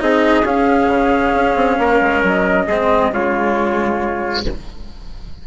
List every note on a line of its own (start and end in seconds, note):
0.00 0.44 C4
0.00 0.44 D#4
0.00 1.81 G#4
0.00 0.46 D#5
0.44 0.88 C#4
0.44 2.68 C#4
0.44 2.24 F5
0.89 1.33 C#3
1.35 1.56 C#4
1.56 1.78 C4
1.79 2.01 A#3
1.79 2.68 A#4
2.02 2.23 G#3
2.23 2.68 F#3
2.23 3.14 D#5
2.68 3.11 G#3
2.68 3.13 C4
2.68 3.12 G#4
3.11 4.44 C#3
3.11 4.46 G#3
3.11 4.47 F4
3.11 4.47 C#5